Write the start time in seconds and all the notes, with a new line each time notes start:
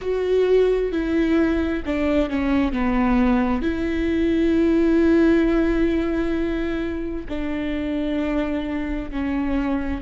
0.01 F#4
0.91 E4
1.85 D4
2.29 C#4
2.72 B3
3.62 E4
7.29 D4
9.10 C#4